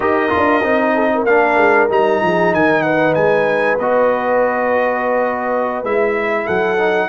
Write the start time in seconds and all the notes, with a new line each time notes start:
0.00 D#4 G4 A#4 D#5
0.29 F4
0.36 D4
0.62 C4 D#4
0.94 A4
1.14 A#4
1.25 A#3 D4 F5
1.56 G#3
1.89 G3 D#4 A#5
2.22 F3 G#4
2.53 D#3 A#4 G#5
2.82 B4 F#5
3.14 G#3 G#5
3.79 B3 F#4 D#5
5.83 G#3 E4 E5
6.45 F#3 A4 F#5
6.77 D#4